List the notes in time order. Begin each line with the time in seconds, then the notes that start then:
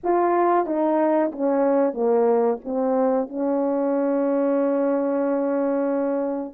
0.03 F4
0.66 D#4
1.32 C#4
1.93 A#3
2.64 C4
3.28 C#4